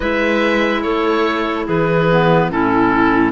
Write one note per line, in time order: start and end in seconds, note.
0.00 0.84 G#3
0.00 2.06 E4
0.00 0.82 B4
0.00 0.82 E5
0.82 1.67 A3
0.82 1.65 A4
0.82 1.65 C#5
1.65 2.50 E3
1.65 2.48 G#4
1.65 2.51 B4
2.10 2.50 B3
2.50 3.31 A2
2.50 3.31 C#4
2.50 3.31 E4
2.50 3.31 A4